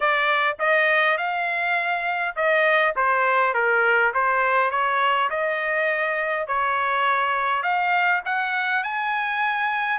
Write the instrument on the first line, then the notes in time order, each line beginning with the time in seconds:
trumpet
0.00 D5
0.59 D#5
1.17 F5
2.36 D#5
2.95 C5
3.53 A#4
4.14 C5
4.70 C#5
5.29 D#5
6.47 C#5
7.63 F5
8.25 F#5
8.83 G#5